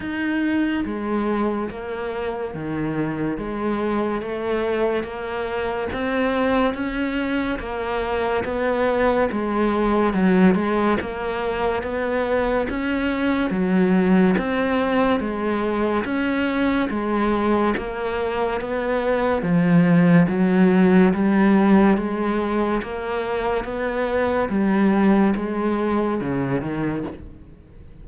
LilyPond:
\new Staff \with { instrumentName = "cello" } { \time 4/4 \tempo 4 = 71 dis'4 gis4 ais4 dis4 | gis4 a4 ais4 c'4 | cis'4 ais4 b4 gis4 | fis8 gis8 ais4 b4 cis'4 |
fis4 c'4 gis4 cis'4 | gis4 ais4 b4 f4 | fis4 g4 gis4 ais4 | b4 g4 gis4 cis8 dis8 | }